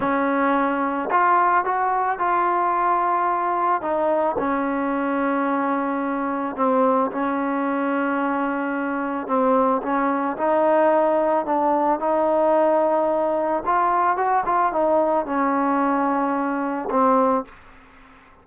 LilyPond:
\new Staff \with { instrumentName = "trombone" } { \time 4/4 \tempo 4 = 110 cis'2 f'4 fis'4 | f'2. dis'4 | cis'1 | c'4 cis'2.~ |
cis'4 c'4 cis'4 dis'4~ | dis'4 d'4 dis'2~ | dis'4 f'4 fis'8 f'8 dis'4 | cis'2. c'4 | }